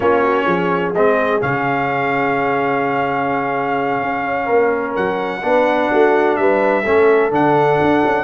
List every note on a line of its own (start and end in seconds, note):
0.00 0.46 A#3
0.00 0.94 C#4
0.00 0.22 F4
0.00 0.93 C#5
0.22 0.45 F#4
0.45 0.93 F3
0.45 4.44 G#4
0.94 1.42 G#3
0.94 1.40 C4
0.94 1.41 D#5
1.40 4.01 C#3
1.40 5.42 C#4
1.40 4.95 F5
4.01 4.48 C#4
4.44 4.96 A#3
4.44 5.39 A#4
4.95 5.43 F#3
4.95 6.36 F#5
5.42 5.90 B3
5.42 6.84 D4
5.42 5.91 B4
5.91 6.37 A3
5.91 6.39 F#4
6.36 6.85 G3
6.36 6.83 B4
6.36 7.31 E5
6.83 7.31 A3
6.83 7.30 C#4
6.83 8.24 A4
7.30 7.79 D3
7.30 8.24 D4
7.30 8.24 F#5
7.81 8.04 D4
8.05 8.24 C#4